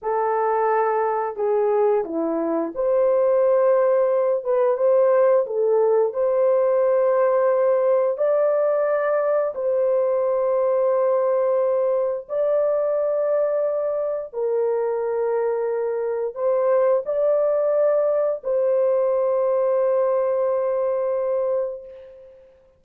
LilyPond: \new Staff \with { instrumentName = "horn" } { \time 4/4 \tempo 4 = 88 a'2 gis'4 e'4 | c''2~ c''8 b'8 c''4 | a'4 c''2. | d''2 c''2~ |
c''2 d''2~ | d''4 ais'2. | c''4 d''2 c''4~ | c''1 | }